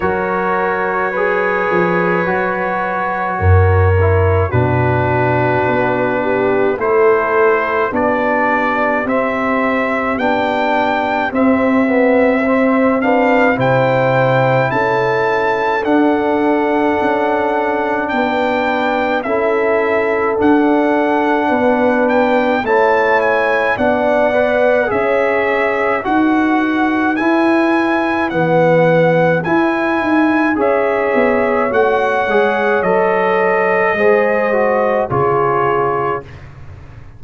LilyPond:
<<
  \new Staff \with { instrumentName = "trumpet" } { \time 4/4 \tempo 4 = 53 cis''1 | b'2 c''4 d''4 | e''4 g''4 e''4. f''8 | g''4 a''4 fis''2 |
g''4 e''4 fis''4. g''8 | a''8 gis''8 fis''4 e''4 fis''4 | gis''4 fis''4 gis''4 e''4 | fis''4 dis''2 cis''4 | }
  \new Staff \with { instrumentName = "horn" } { \time 4/4 ais'4 b'2 ais'4 | fis'4. g'8 a'4 g'4~ | g'2. c''8 b'8 | c''4 a'2. |
b'4 a'2 b'4 | cis''4 d''4 cis''4 b'4~ | b'2. cis''4~ | cis''2 c''4 gis'4 | }
  \new Staff \with { instrumentName = "trombone" } { \time 4/4 fis'4 gis'4 fis'4. e'8 | d'2 e'4 d'4 | c'4 d'4 c'8 b8 c'8 d'8 | e'2 d'2~ |
d'4 e'4 d'2 | e'4 d'8 b'8 gis'4 fis'4 | e'4 b4 e'4 gis'4 | fis'8 gis'8 a'4 gis'8 fis'8 f'4 | }
  \new Staff \with { instrumentName = "tuba" } { \time 4/4 fis4. f8 fis4 fis,4 | b,4 b4 a4 b4 | c'4 b4 c'2 | c4 cis'4 d'4 cis'4 |
b4 cis'4 d'4 b4 | a4 b4 cis'4 dis'4 | e'4 e4 e'8 dis'8 cis'8 b8 | a8 gis8 fis4 gis4 cis4 | }
>>